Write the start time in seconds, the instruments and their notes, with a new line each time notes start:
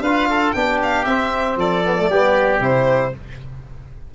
0.00 tuba D4, trombone F4, oboe B4, violin F5
0.29 oboe A4
0.52 tuba B3, trombone D4, oboe G4, violin G5
0.83 violin F5
1.04 tuba C4, trombone C4, violin E5
1.56 tuba F3, oboe A4, violin D5
1.84 trombone B3
1.97 trombone A3
2.09 tuba G3, trombone B3, oboe G4
2.60 tuba C3, trombone E4, violin C5